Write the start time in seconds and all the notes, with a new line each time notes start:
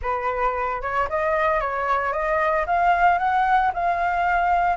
0.01 B4
0.81 C#5
1.09 D#5
1.60 C#5
2.12 D#5
2.66 F5
3.18 F#5
3.73 F5